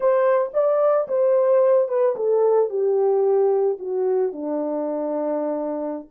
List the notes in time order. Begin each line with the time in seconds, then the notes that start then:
0.00 C5
0.53 D5
1.07 C5
1.88 B4
2.16 A4
2.69 G4
3.79 F#4
4.32 D4